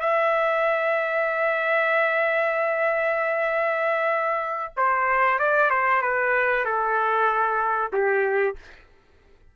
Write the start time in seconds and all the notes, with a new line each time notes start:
0.00 E5
4.76 C5
5.39 D5
5.70 C5
6.02 B4
6.65 A4
7.93 G4